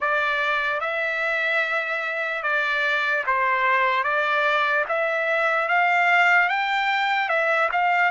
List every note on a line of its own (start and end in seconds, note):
0.00 0.80 D5
0.80 2.42 E5
2.43 3.24 D5
3.26 4.03 C5
4.03 4.84 D5
4.88 5.68 E5
5.68 6.49 F5
6.49 7.28 G5
7.28 7.69 E5
7.71 8.11 F5